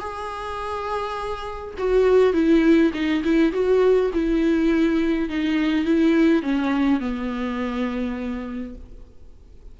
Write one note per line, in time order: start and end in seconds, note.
0.00 1.75 G#4
1.78 2.34 F#4
2.34 2.92 E4
2.94 3.23 D#4
3.24 3.53 E4
3.53 4.11 F#4
4.14 5.30 E4
5.30 5.85 D#4
5.85 6.43 E4
6.43 7.00 C#4
7.00 8.75 B3